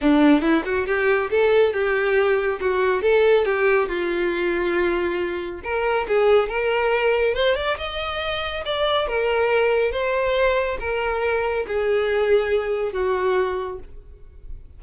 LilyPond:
\new Staff \with { instrumentName = "violin" } { \time 4/4 \tempo 4 = 139 d'4 e'8 fis'8 g'4 a'4 | g'2 fis'4 a'4 | g'4 f'2.~ | f'4 ais'4 gis'4 ais'4~ |
ais'4 c''8 d''8 dis''2 | d''4 ais'2 c''4~ | c''4 ais'2 gis'4~ | gis'2 fis'2 | }